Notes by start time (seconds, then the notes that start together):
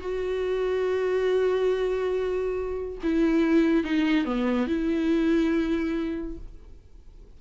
0.00 F#4
3.03 E4
3.84 D#4
4.25 B3
4.67 E4